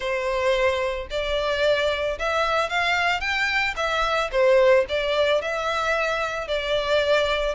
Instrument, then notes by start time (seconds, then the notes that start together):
violin
0.00 C5
1.10 D5
2.18 E5
2.69 F5
3.20 G5
3.76 E5
4.31 C5
4.88 D5
5.41 E5
6.47 D5